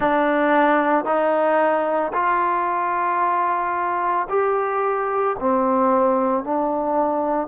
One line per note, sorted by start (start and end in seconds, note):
0.00 1.05 D4
1.05 2.12 D#4
2.13 4.27 F4
4.29 5.36 G4
5.39 6.44 C4
6.44 7.47 D4